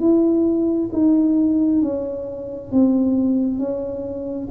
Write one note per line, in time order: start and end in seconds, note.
0.00 0.90 E4
0.92 1.82 D#4
1.82 2.72 C#4
2.72 3.59 C4
3.59 4.49 C#4